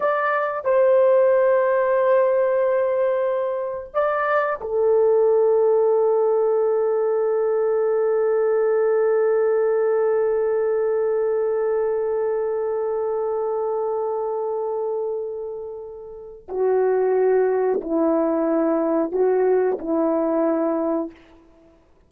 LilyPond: \new Staff \with { instrumentName = "horn" } { \time 4/4 \tempo 4 = 91 d''4 c''2.~ | c''2 d''4 a'4~ | a'1~ | a'1~ |
a'1~ | a'1~ | a'4 fis'2 e'4~ | e'4 fis'4 e'2 | }